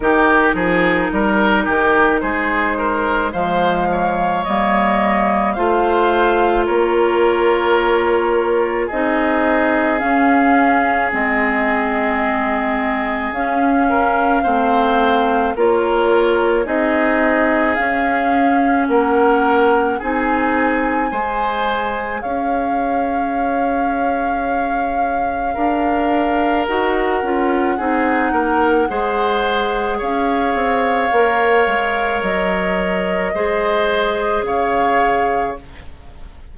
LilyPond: <<
  \new Staff \with { instrumentName = "flute" } { \time 4/4 \tempo 4 = 54 ais'2 c''4 f''4 | dis''4 f''4 cis''2 | dis''4 f''4 dis''2 | f''2 cis''4 dis''4 |
f''4 fis''4 gis''2 | f''1 | fis''2. f''4~ | f''4 dis''2 f''4 | }
  \new Staff \with { instrumentName = "oboe" } { \time 4/4 g'8 gis'8 ais'8 g'8 gis'8 ais'8 c''8 cis''8~ | cis''4 c''4 ais'2 | gis'1~ | gis'8 ais'8 c''4 ais'4 gis'4~ |
gis'4 ais'4 gis'4 c''4 | cis''2. ais'4~ | ais'4 gis'8 ais'8 c''4 cis''4~ | cis''2 c''4 cis''4 | }
  \new Staff \with { instrumentName = "clarinet" } { \time 4/4 dis'2. gis4 | ais4 f'2. | dis'4 cis'4 c'2 | cis'4 c'4 f'4 dis'4 |
cis'2 dis'4 gis'4~ | gis'1 | fis'8 f'8 dis'4 gis'2 | ais'2 gis'2 | }
  \new Staff \with { instrumentName = "bassoon" } { \time 4/4 dis8 f8 g8 dis8 gis4 f4 | g4 a4 ais2 | c'4 cis'4 gis2 | cis'4 a4 ais4 c'4 |
cis'4 ais4 c'4 gis4 | cis'2. d'4 | dis'8 cis'8 c'8 ais8 gis4 cis'8 c'8 | ais8 gis8 fis4 gis4 cis4 | }
>>